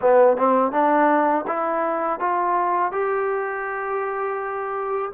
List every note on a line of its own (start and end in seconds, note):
0.01 0.37 B3
0.37 0.72 C4
0.72 1.45 D4
1.47 2.20 E4
2.20 2.92 F4
2.92 5.11 G4